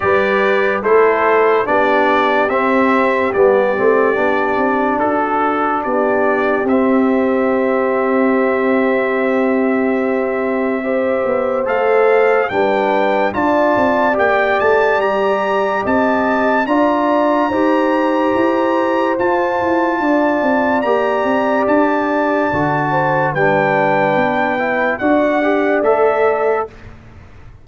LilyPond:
<<
  \new Staff \with { instrumentName = "trumpet" } { \time 4/4 \tempo 4 = 72 d''4 c''4 d''4 e''4 | d''2 a'4 d''4 | e''1~ | e''2 f''4 g''4 |
a''4 g''8 a''8 ais''4 a''4 | ais''2. a''4~ | a''4 ais''4 a''2 | g''2 fis''4 e''4 | }
  \new Staff \with { instrumentName = "horn" } { \time 4/4 b'4 a'4 g'2~ | g'2 fis'4 g'4~ | g'1~ | g'4 c''2 b'4 |
d''2. dis''4 | d''4 c''2. | d''2.~ d''8 c''8 | b'2 d''2 | }
  \new Staff \with { instrumentName = "trombone" } { \time 4/4 g'4 e'4 d'4 c'4 | b8 c'8 d'2. | c'1~ | c'4 g'4 a'4 d'4 |
f'4 g'2. | f'4 g'2 f'4~ | f'4 g'2 fis'4 | d'4. e'8 fis'8 g'8 a'4 | }
  \new Staff \with { instrumentName = "tuba" } { \time 4/4 g4 a4 b4 c'4 | g8 a8 b8 c'8 d'4 b4 | c'1~ | c'4. b8 a4 g4 |
d'8 c'8 ais8 a8 g4 c'4 | d'4 dis'4 e'4 f'8 e'8 | d'8 c'8 ais8 c'8 d'4 d4 | g4 b4 d'4 a4 | }
>>